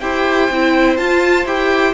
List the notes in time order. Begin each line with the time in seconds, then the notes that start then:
0.00 E4 G4 C5 G5
0.50 C4 E4
0.97 F4 A5
1.45 E4 G4 G5